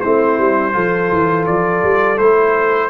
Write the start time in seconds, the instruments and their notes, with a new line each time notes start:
0.00 tuba A3, trombone C4, horn E4, trumpet C5
0.38 tuba G3
0.72 tuba F3, trombone F4, horn A4
1.12 tuba E3
1.45 tuba F3, trumpet D5
1.83 tuba G3
2.18 tuba A3, trombone E4, trumpet C5